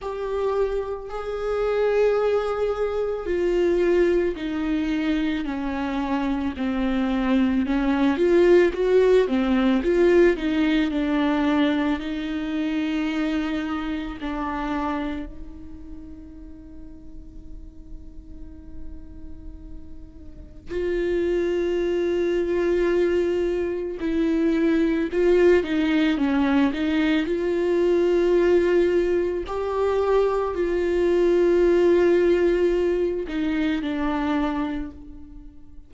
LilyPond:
\new Staff \with { instrumentName = "viola" } { \time 4/4 \tempo 4 = 55 g'4 gis'2 f'4 | dis'4 cis'4 c'4 cis'8 f'8 | fis'8 c'8 f'8 dis'8 d'4 dis'4~ | dis'4 d'4 dis'2~ |
dis'2. f'4~ | f'2 e'4 f'8 dis'8 | cis'8 dis'8 f'2 g'4 | f'2~ f'8 dis'8 d'4 | }